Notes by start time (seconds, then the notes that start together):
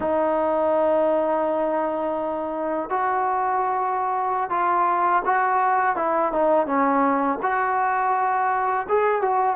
0.00 D#4
2.89 F#4
4.50 F4
5.25 F#4
5.96 E4
6.32 D#4
6.66 C#4
7.42 F#4
8.88 G#4
9.21 F#4